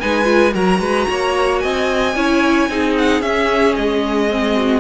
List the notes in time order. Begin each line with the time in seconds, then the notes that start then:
0.00 G#3 D#4 B4 G#5
0.24 F4
0.53 F#3 F#4 A#4 A#5
0.79 G#3 B4
1.10 A#3 C#5
1.59 C4 D#5 G#5
2.16 C#4 E4 C#5
2.69 C4 D#4 G#4
2.98 F#5
3.21 C#4 E5
3.76 G#3 D#5
4.29 C4
4.55 F#4